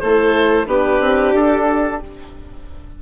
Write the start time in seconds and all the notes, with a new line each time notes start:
0.00 A3 E4 A4 C5
0.67 B3 D4 G4 B4
1.00 C4
1.35 D4 A4